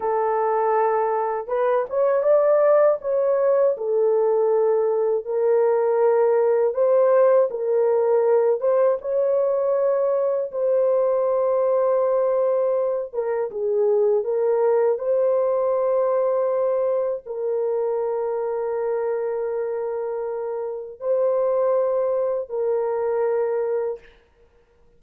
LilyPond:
\new Staff \with { instrumentName = "horn" } { \time 4/4 \tempo 4 = 80 a'2 b'8 cis''8 d''4 | cis''4 a'2 ais'4~ | ais'4 c''4 ais'4. c''8 | cis''2 c''2~ |
c''4. ais'8 gis'4 ais'4 | c''2. ais'4~ | ais'1 | c''2 ais'2 | }